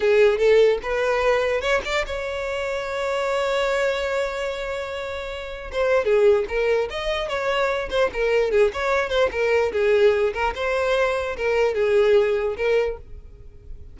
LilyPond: \new Staff \with { instrumentName = "violin" } { \time 4/4 \tempo 4 = 148 gis'4 a'4 b'2 | cis''8 d''8 cis''2.~ | cis''1~ | cis''2 c''4 gis'4 |
ais'4 dis''4 cis''4. c''8 | ais'4 gis'8 cis''4 c''8 ais'4 | gis'4. ais'8 c''2 | ais'4 gis'2 ais'4 | }